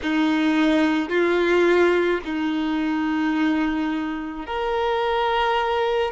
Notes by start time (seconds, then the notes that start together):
0.02 D#4
1.09 F4
2.25 D#4
4.46 A#4